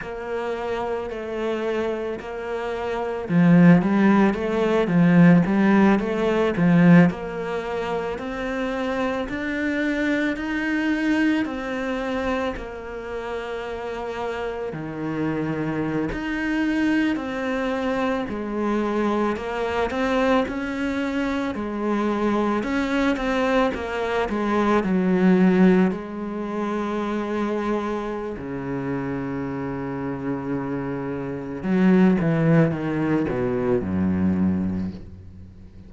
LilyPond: \new Staff \with { instrumentName = "cello" } { \time 4/4 \tempo 4 = 55 ais4 a4 ais4 f8 g8 | a8 f8 g8 a8 f8 ais4 c'8~ | c'8 d'4 dis'4 c'4 ais8~ | ais4. dis4~ dis16 dis'4 c'16~ |
c'8. gis4 ais8 c'8 cis'4 gis16~ | gis8. cis'8 c'8 ais8 gis8 fis4 gis16~ | gis2 cis2~ | cis4 fis8 e8 dis8 b,8 fis,4 | }